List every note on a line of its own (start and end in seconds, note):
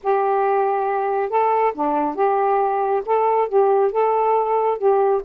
0.03 1.29 G4
1.29 1.73 A4
1.74 2.15 D4
2.15 3.02 G4
3.05 3.48 A4
3.48 3.91 G4
3.91 4.78 A4
4.78 5.21 G4